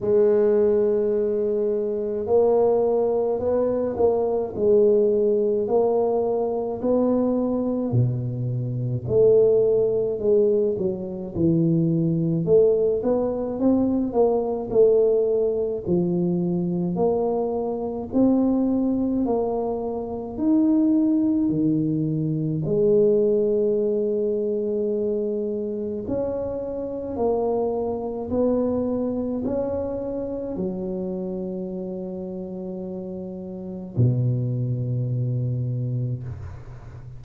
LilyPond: \new Staff \with { instrumentName = "tuba" } { \time 4/4 \tempo 4 = 53 gis2 ais4 b8 ais8 | gis4 ais4 b4 b,4 | a4 gis8 fis8 e4 a8 b8 | c'8 ais8 a4 f4 ais4 |
c'4 ais4 dis'4 dis4 | gis2. cis'4 | ais4 b4 cis'4 fis4~ | fis2 b,2 | }